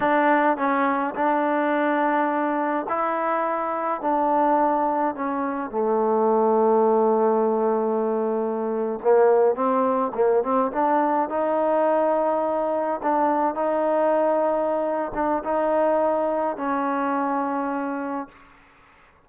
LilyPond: \new Staff \with { instrumentName = "trombone" } { \time 4/4 \tempo 4 = 105 d'4 cis'4 d'2~ | d'4 e'2 d'4~ | d'4 cis'4 a2~ | a2.~ a8. ais16~ |
ais8. c'4 ais8 c'8 d'4 dis'16~ | dis'2~ dis'8. d'4 dis'16~ | dis'2~ dis'8 d'8 dis'4~ | dis'4 cis'2. | }